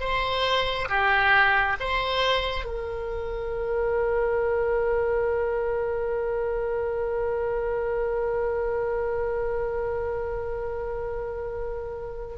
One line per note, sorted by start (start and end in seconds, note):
0.00 0.88 C5
0.89 1.77 G4
1.80 2.65 C5
2.65 12.35 A#4